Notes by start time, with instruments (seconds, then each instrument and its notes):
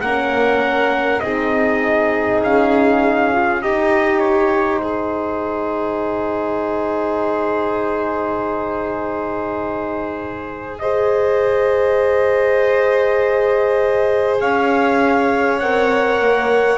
0.00 double bass A#3, horn C#4, violin A#4, trumpet F#5
1.20 double bass C4, horn D#4, violin G#4, trumpet D#5
2.42 double bass C#4, trumpet F5
3.32 horn F4
3.62 double bass D#4, horn D#4, violin G4, trumpet D#5
4.19 trumpet C#5
4.77 double bass G#3, violin G#4, trumpet C5
10.79 horn G#4, violin C5, trumpet D#5
14.40 double bass C#4, violin C#5, trumpet F5
15.59 double bass C4, horn A#4, trumpet F#5
16.20 double bass A#3